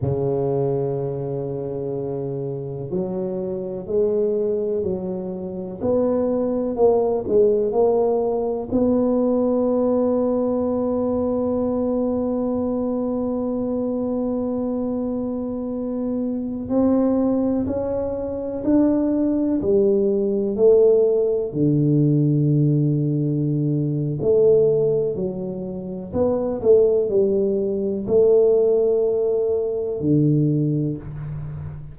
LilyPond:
\new Staff \with { instrumentName = "tuba" } { \time 4/4 \tempo 4 = 62 cis2. fis4 | gis4 fis4 b4 ais8 gis8 | ais4 b2.~ | b1~ |
b4~ b16 c'4 cis'4 d'8.~ | d'16 g4 a4 d4.~ d16~ | d4 a4 fis4 b8 a8 | g4 a2 d4 | }